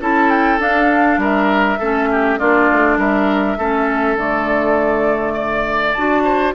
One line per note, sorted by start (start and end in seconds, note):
0.00 0.59 C#4
0.00 0.59 E4
0.00 1.20 A4
0.00 0.30 A5
0.30 0.59 G5
0.59 1.18 D4
0.59 1.78 D4
0.59 1.21 F5
1.18 1.77 G3
1.18 1.79 A#4
1.18 2.39 E5
1.79 2.39 A3
1.79 2.39 C#4
1.79 2.09 A4
2.11 2.39 G4
2.39 2.70 A#3
2.39 3.58 D4
2.39 2.98 F4
2.39 2.98 D5
2.72 2.97 A3
2.97 3.57 G3
2.97 3.58 A#4
2.97 4.18 E5
3.58 4.16 A3
3.58 4.17 C#4
3.58 5.34 A4
4.16 5.94 D3
4.16 5.96 A3
4.16 5.93 D5
5.34 6.23 D5
5.93 6.54 D4
5.93 6.54 F#4
5.93 6.53 A5
6.24 6.54 C5